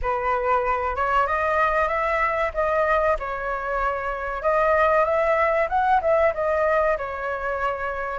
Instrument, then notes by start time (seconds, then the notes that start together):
flute
0.01 B4
0.96 C#5
1.26 D#5
1.88 E5
2.54 D#5
3.19 C#5
4.42 D#5
5.04 E5
5.69 F#5
6.01 E5
6.34 D#5
6.97 C#5